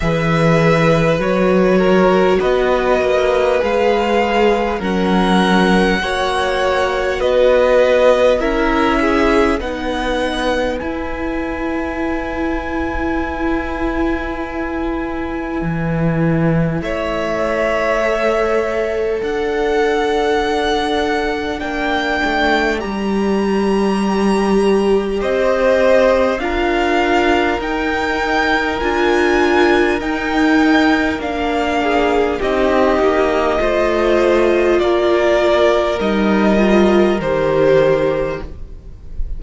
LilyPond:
<<
  \new Staff \with { instrumentName = "violin" } { \time 4/4 \tempo 4 = 50 e''4 cis''4 dis''4 f''4 | fis''2 dis''4 e''4 | fis''4 gis''2.~ | gis''2 e''2 |
fis''2 g''4 ais''4~ | ais''4 dis''4 f''4 g''4 | gis''4 g''4 f''4 dis''4~ | dis''4 d''4 dis''4 c''4 | }
  \new Staff \with { instrumentName = "violin" } { \time 4/4 b'4. ais'8 b'2 | ais'4 cis''4 b'4 ais'8 gis'8 | b'1~ | b'2 cis''2 |
d''1~ | d''4 c''4 ais'2~ | ais'2~ ais'8 gis'8 g'4 | c''4 ais'2. | }
  \new Staff \with { instrumentName = "viola" } { \time 4/4 gis'4 fis'2 gis'4 | cis'4 fis'2 e'4 | dis'4 e'2.~ | e'2. a'4~ |
a'2 d'4 g'4~ | g'2 f'4 dis'4 | f'4 dis'4 d'4 dis'4 | f'2 dis'8 f'8 g'4 | }
  \new Staff \with { instrumentName = "cello" } { \time 4/4 e4 fis4 b8 ais8 gis4 | fis4 ais4 b4 cis'4 | b4 e'2.~ | e'4 e4 a2 |
d'2 ais8 a8 g4~ | g4 c'4 d'4 dis'4 | d'4 dis'4 ais4 c'8 ais8 | a4 ais4 g4 dis4 | }
>>